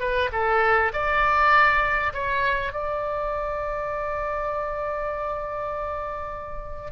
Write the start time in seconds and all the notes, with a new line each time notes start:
0.00 B4
0.32 A4
0.93 D5
2.14 C#5
2.73 D5